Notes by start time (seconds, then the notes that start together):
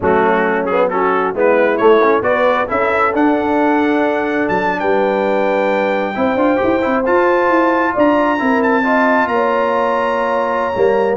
0.00 F#3 A3 C#4 F#4
0.65 B3 G#4
0.90 C#4 F#4 A4
1.33 G#3 B3 E4 B4
1.77 A3 C#5
2.02 C#4
2.21 B3 F#4 B4 D5
2.66 C#4 E4 A4 E5
3.13 D4 F#5
4.48 F#3 A5
4.79 G3 B4 G5
6.14 C4 E4 C5
6.35 D4 F4
6.56 G4
6.63 E4
6.81 C4 E4
7.05 F4 A5
7.49 E4
7.93 D4 D5 A#5
8.38 C4 E4 A#4
8.63 A5
8.83 F4 D#5
9.27 A#3 C#5 A#5
10.75 G3 A#3